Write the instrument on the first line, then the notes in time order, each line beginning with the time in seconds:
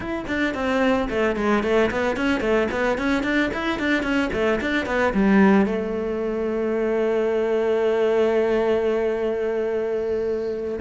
cello
0.00 E4
0.27 D4
0.54 C4
1.09 A3
1.36 G#3
1.63 A3
1.90 B3
2.16 C#4
2.40 A3
2.71 B3
2.98 C#4
3.23 D4
3.53 E4
3.79 D4
4.02 C#4
4.32 A3
4.60 D4
4.86 B3
5.13 G3
5.66 A3